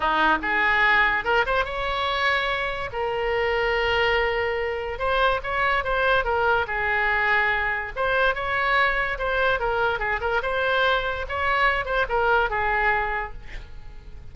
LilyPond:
\new Staff \with { instrumentName = "oboe" } { \time 4/4 \tempo 4 = 144 dis'4 gis'2 ais'8 c''8 | cis''2. ais'4~ | ais'1 | c''4 cis''4 c''4 ais'4 |
gis'2. c''4 | cis''2 c''4 ais'4 | gis'8 ais'8 c''2 cis''4~ | cis''8 c''8 ais'4 gis'2 | }